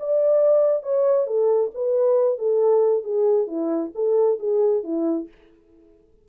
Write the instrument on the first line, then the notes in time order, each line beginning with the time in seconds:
horn
0.00 D5
0.83 C#5
1.27 A4
1.75 B4
2.39 A4
3.04 G#4
3.47 E4
3.95 A4
4.40 G#4
4.84 E4